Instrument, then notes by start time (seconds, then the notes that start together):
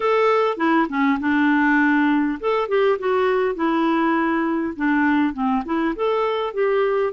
clarinet
0.00 A4
0.57 E4
0.89 C#4
1.20 D4
2.40 A4
2.68 G4
2.98 F#4
3.55 E4
4.76 D4
5.33 C4
5.65 E4
5.95 A4
6.53 G4